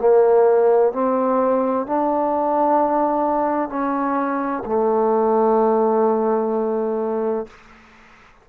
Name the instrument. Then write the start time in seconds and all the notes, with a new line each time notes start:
trombone
0.00 A#3
0.92 C4
1.86 D4
3.69 C#4
4.65 A3